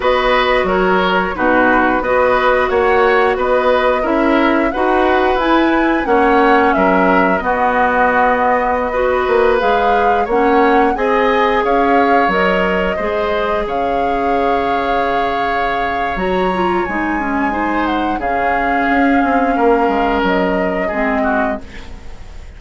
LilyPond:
<<
  \new Staff \with { instrumentName = "flute" } { \time 4/4 \tempo 4 = 89 dis''4 cis''4 b'4 dis''4 | fis''4 dis''4 e''4 fis''4 | gis''4 fis''4 e''4 dis''4~ | dis''2~ dis''16 f''4 fis''8.~ |
fis''16 gis''4 f''4 dis''4.~ dis''16~ | dis''16 f''2.~ f''8. | ais''4 gis''4. fis''8 f''4~ | f''2 dis''2 | }
  \new Staff \with { instrumentName = "oboe" } { \time 4/4 b'4 ais'4 fis'4 b'4 | cis''4 b'4 ais'4 b'4~ | b'4 cis''4 ais'4 fis'4~ | fis'4~ fis'16 b'2 cis''8.~ |
cis''16 dis''4 cis''2 c''8.~ | c''16 cis''2.~ cis''8.~ | cis''2 c''4 gis'4~ | gis'4 ais'2 gis'8 fis'8 | }
  \new Staff \with { instrumentName = "clarinet" } { \time 4/4 fis'2 dis'4 fis'4~ | fis'2 e'4 fis'4 | e'4 cis'2 b4~ | b4~ b16 fis'4 gis'4 cis'8.~ |
cis'16 gis'2 ais'4 gis'8.~ | gis'1 | fis'8 f'8 dis'8 cis'8 dis'4 cis'4~ | cis'2. c'4 | }
  \new Staff \with { instrumentName = "bassoon" } { \time 4/4 b4 fis4 b,4 b4 | ais4 b4 cis'4 dis'4 | e'4 ais4 fis4 b4~ | b4.~ b16 ais8 gis4 ais8.~ |
ais16 c'4 cis'4 fis4 gis8.~ | gis16 cis2.~ cis8. | fis4 gis2 cis4 | cis'8 c'8 ais8 gis8 fis4 gis4 | }
>>